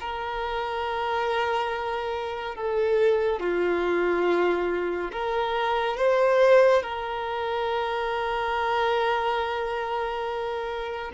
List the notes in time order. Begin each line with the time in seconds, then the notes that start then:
0.00 A#4
2.56 A4
3.40 F4
5.12 A#4
5.97 C5
6.83 A#4